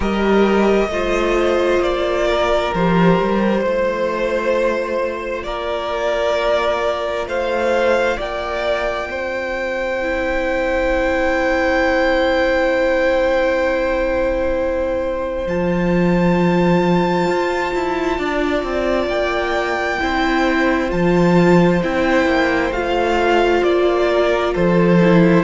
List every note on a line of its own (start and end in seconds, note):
0.00 0.88 G3
0.00 0.91 G4
0.00 0.88 A#4
0.00 1.83 D#5
0.88 1.79 A3
0.88 2.73 F4
0.88 2.27 C5
1.79 2.70 A#3
1.79 2.73 D5
2.27 3.60 A#4
2.74 3.19 F3
2.74 3.65 G4
2.74 5.43 C5
3.20 3.64 G3
3.60 5.44 A3
3.60 10.01 F4
3.60 5.42 C5
5.43 7.26 A#3
5.43 7.27 A#4
5.43 7.25 D5
7.26 8.17 A3
7.26 8.17 C5
7.26 8.19 F5
8.17 9.09 A#3
8.17 9.08 D5
8.17 15.47 G5
9.09 15.45 C4
9.09 18.17 C5
10.01 15.46 E4
15.46 17.27 F3
15.46 20.00 F4
15.46 19.08 A5
17.27 17.73 F4
17.73 18.18 E4
18.17 18.63 D4
18.17 19.99 D5
18.63 19.06 C4
19.06 19.97 A#3
19.06 20.90 G5
20.00 20.92 C4
20.00 20.89 E4
20.00 24.11 C5
20.89 21.83 F3
20.89 21.80 F4
20.89 21.82 A5
21.82 22.25 C4
21.82 22.72 E4
21.82 22.72 G5
22.25 22.71 A#3
22.71 23.62 A3
22.71 25.00 F4
22.71 23.63 F5
23.63 24.54 A#3
23.63 24.54 D5
24.11 24.53 A#4
24.53 25.44 F3
24.53 25.44 A4
24.53 25.44 C5
25.01 25.44 E4